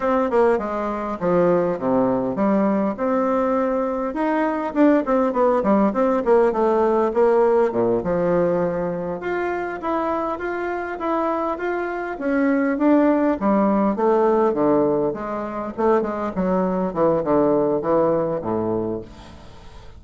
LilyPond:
\new Staff \with { instrumentName = "bassoon" } { \time 4/4 \tempo 4 = 101 c'8 ais8 gis4 f4 c4 | g4 c'2 dis'4 | d'8 c'8 b8 g8 c'8 ais8 a4 | ais4 ais,8 f2 f'8~ |
f'8 e'4 f'4 e'4 f'8~ | f'8 cis'4 d'4 g4 a8~ | a8 d4 gis4 a8 gis8 fis8~ | fis8 e8 d4 e4 a,4 | }